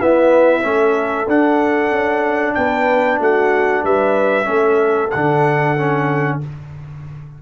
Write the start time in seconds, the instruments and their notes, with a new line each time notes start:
0.00 trombone B3, tuba E4, horn B4, trumpet E5
0.62 tuba A3, trombone C#4, horn A4
1.28 tuba D4, trombone D4, trumpet F#5
1.92 tuba C#4
2.55 tuba B3, horn B4, trumpet G5
3.19 tuba A3, horn F#4, trumpet F#5
3.84 tuba G3, horn B4, trumpet E5
4.44 tuba A3, trombone C#4, horn A4
5.11 tuba D3, trombone D4, trumpet F#5
5.77 trombone C#4